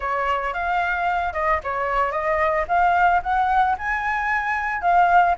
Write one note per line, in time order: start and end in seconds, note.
0.00 0.53 C#5
0.53 1.33 F5
1.33 1.59 D#5
1.63 2.11 C#5
2.11 2.65 D#5
2.68 3.21 F5
3.22 3.76 F#5
3.77 4.81 G#5
4.81 5.35 F5